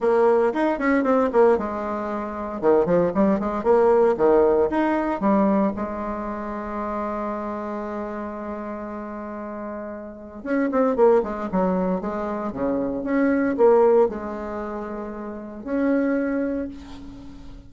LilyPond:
\new Staff \with { instrumentName = "bassoon" } { \time 4/4 \tempo 4 = 115 ais4 dis'8 cis'8 c'8 ais8 gis4~ | gis4 dis8 f8 g8 gis8 ais4 | dis4 dis'4 g4 gis4~ | gis1~ |
gis1 | cis'8 c'8 ais8 gis8 fis4 gis4 | cis4 cis'4 ais4 gis4~ | gis2 cis'2 | }